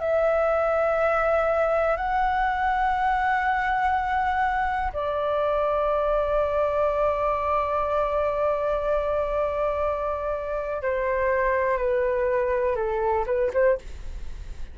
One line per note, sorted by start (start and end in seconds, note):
0.00 1.97 E5
1.97 4.92 F#5
4.93 10.82 D5
10.82 11.78 C5
11.78 12.76 B4
12.76 13.25 A4
13.27 13.51 B4
13.54 13.78 C5